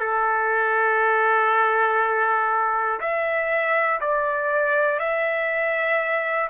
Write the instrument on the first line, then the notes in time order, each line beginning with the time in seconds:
trumpet
0.00 A4
3.00 E5
4.00 D5
5.00 E5